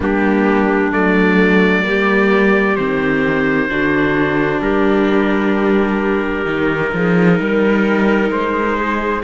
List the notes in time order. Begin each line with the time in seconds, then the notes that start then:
0.00 G3 A#3 D4 G4
0.92 F#3 A3 D5
1.83 G3 A#3 G4
2.76 D#3 C4 C5
3.68 D3 D4 F#4
4.61 G3 G4 A#4
6.45 D#3 D#4
6.92 F3 G#4
7.39 G3 A#4
8.30 G#3 C5
8.77 G#4